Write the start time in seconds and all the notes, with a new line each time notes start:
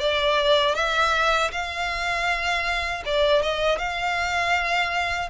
0.00 D5
0.75 E5
1.52 F5
3.06 D5
3.43 D#5
3.79 F5